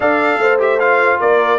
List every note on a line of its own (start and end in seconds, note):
0.00 0.36 D4
0.00 0.59 A4
0.00 0.40 D5
0.00 0.60 F5
0.36 1.16 A3
0.36 1.20 C5
0.59 0.79 G4
0.59 0.79 E5
0.79 1.59 F4
0.79 1.19 F5
1.20 1.59 A#3
1.20 1.59 A#4
1.20 1.59 D5